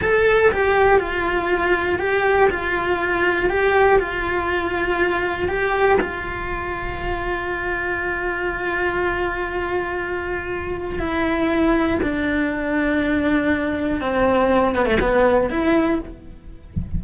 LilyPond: \new Staff \with { instrumentName = "cello" } { \time 4/4 \tempo 4 = 120 a'4 g'4 f'2 | g'4 f'2 g'4 | f'2. g'4 | f'1~ |
f'1~ | f'2 e'2 | d'1 | c'4. b16 a16 b4 e'4 | }